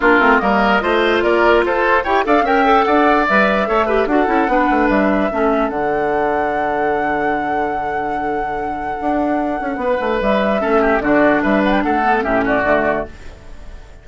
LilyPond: <<
  \new Staff \with { instrumentName = "flute" } { \time 4/4 \tempo 4 = 147 ais'4 dis''2 d''4 | c''4 g''8 f''8 g''4 fis''4 | e''2 fis''2 | e''2 fis''2~ |
fis''1~ | fis''1~ | fis''4 e''2 d''4 | e''8 fis''16 g''16 fis''4 e''8 d''4. | }
  \new Staff \with { instrumentName = "oboe" } { \time 4/4 f'4 ais'4 c''4 ais'4 | a'4 cis''8 d''8 e''4 d''4~ | d''4 cis''8 b'8 a'4 b'4~ | b'4 a'2.~ |
a'1~ | a'1 | b'2 a'8 g'8 fis'4 | b'4 a'4 g'8 fis'4. | }
  \new Staff \with { instrumentName = "clarinet" } { \time 4/4 d'8 c'8 ais4 f'2~ | f'4 g'8 a'8 ais'8 a'4. | b'4 a'8 g'8 fis'8 e'8 d'4~ | d'4 cis'4 d'2~ |
d'1~ | d'1~ | d'2 cis'4 d'4~ | d'4. b8 cis'4 a4 | }
  \new Staff \with { instrumentName = "bassoon" } { \time 4/4 ais8 a8 g4 a4 ais4 | f'4 e'8 d'8 cis'4 d'4 | g4 a4 d'8 cis'8 b8 a8 | g4 a4 d2~ |
d1~ | d2 d'4. cis'8 | b8 a8 g4 a4 d4 | g4 a4 a,4 d4 | }
>>